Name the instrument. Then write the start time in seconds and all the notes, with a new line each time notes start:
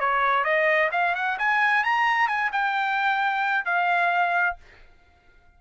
trumpet
0.00 C#5
0.45 D#5
0.92 F5
1.15 F#5
1.39 G#5
1.84 A#5
2.28 G#5
2.53 G5
3.65 F5